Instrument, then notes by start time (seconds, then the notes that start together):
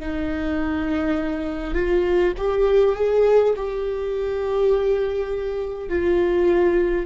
viola
0.00 D#4
1.74 F4
2.37 G4
2.96 G#4
3.57 G4
5.89 F4